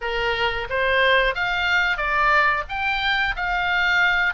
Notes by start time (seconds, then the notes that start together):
0.01 A#4
0.69 C5
1.35 F5
1.97 D5
2.68 G5
3.35 F5